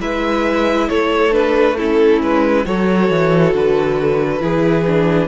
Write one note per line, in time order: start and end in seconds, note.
0.00 0.89 G#3
0.00 1.32 E4
0.00 0.89 B4
0.00 0.89 E5
0.89 2.22 A3
0.89 1.78 A4
0.89 1.33 C#5
1.32 1.76 D4
1.32 1.77 B4
1.78 2.65 C#4
1.78 2.66 E4
1.78 2.22 A4
2.22 2.66 G#3
2.22 2.66 B4
2.65 3.10 F#3
2.65 4.40 F#4
2.65 4.43 A4
2.65 3.54 C#5
3.10 3.54 E3
3.54 4.41 D3
3.54 5.28 B4
4.40 5.28 E3
4.40 4.84 E4
4.40 5.28 G#4
4.86 5.28 D4